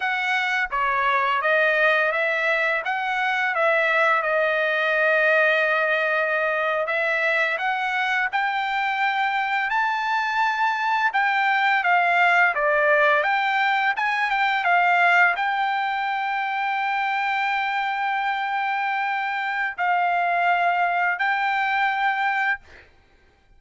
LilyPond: \new Staff \with { instrumentName = "trumpet" } { \time 4/4 \tempo 4 = 85 fis''4 cis''4 dis''4 e''4 | fis''4 e''4 dis''2~ | dis''4.~ dis''16 e''4 fis''4 g''16~ | g''4.~ g''16 a''2 g''16~ |
g''8. f''4 d''4 g''4 gis''16~ | gis''16 g''8 f''4 g''2~ g''16~ | g''1 | f''2 g''2 | }